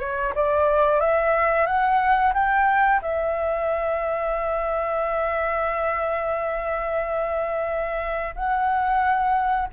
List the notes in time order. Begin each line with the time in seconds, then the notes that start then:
0.00 C#5
0.35 D5
1.00 E5
1.66 F#5
2.34 G5
3.02 E5
8.35 F#5